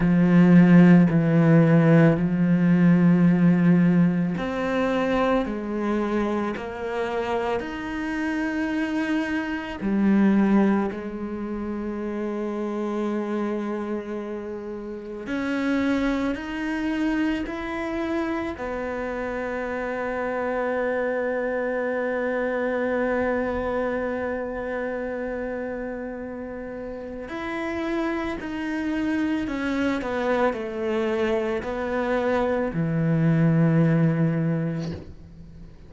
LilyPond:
\new Staff \with { instrumentName = "cello" } { \time 4/4 \tempo 4 = 55 f4 e4 f2 | c'4 gis4 ais4 dis'4~ | dis'4 g4 gis2~ | gis2 cis'4 dis'4 |
e'4 b2.~ | b1~ | b4 e'4 dis'4 cis'8 b8 | a4 b4 e2 | }